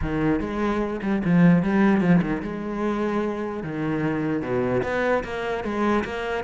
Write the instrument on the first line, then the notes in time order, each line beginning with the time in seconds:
cello
0.01 D#3
0.40 G#3
1.02 G3
1.24 F3
1.62 G3
2.00 F3
2.21 D#3
2.42 G#3
3.63 D#3
4.42 B2
4.83 B3
5.24 A#3
5.63 G#3
6.04 A#3